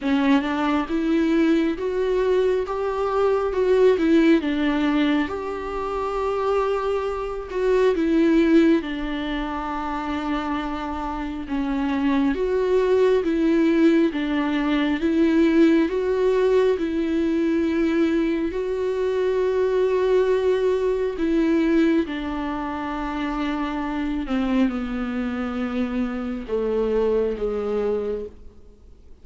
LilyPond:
\new Staff \with { instrumentName = "viola" } { \time 4/4 \tempo 4 = 68 cis'8 d'8 e'4 fis'4 g'4 | fis'8 e'8 d'4 g'2~ | g'8 fis'8 e'4 d'2~ | d'4 cis'4 fis'4 e'4 |
d'4 e'4 fis'4 e'4~ | e'4 fis'2. | e'4 d'2~ d'8 c'8 | b2 a4 gis4 | }